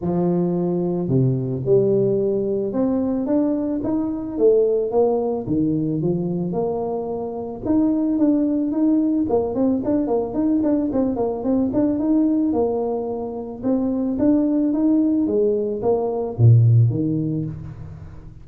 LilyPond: \new Staff \with { instrumentName = "tuba" } { \time 4/4 \tempo 4 = 110 f2 c4 g4~ | g4 c'4 d'4 dis'4 | a4 ais4 dis4 f4 | ais2 dis'4 d'4 |
dis'4 ais8 c'8 d'8 ais8 dis'8 d'8 | c'8 ais8 c'8 d'8 dis'4 ais4~ | ais4 c'4 d'4 dis'4 | gis4 ais4 ais,4 dis4 | }